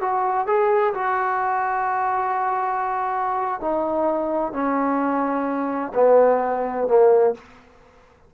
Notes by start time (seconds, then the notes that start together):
0.00 F#4
0.47 G#4
0.93 F#4
3.60 D#4
4.52 C#4
5.94 B3
6.87 A#3